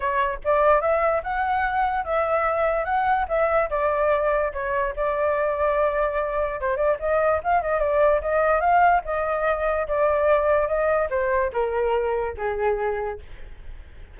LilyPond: \new Staff \with { instrumentName = "flute" } { \time 4/4 \tempo 4 = 146 cis''4 d''4 e''4 fis''4~ | fis''4 e''2 fis''4 | e''4 d''2 cis''4 | d''1 |
c''8 d''8 dis''4 f''8 dis''8 d''4 | dis''4 f''4 dis''2 | d''2 dis''4 c''4 | ais'2 gis'2 | }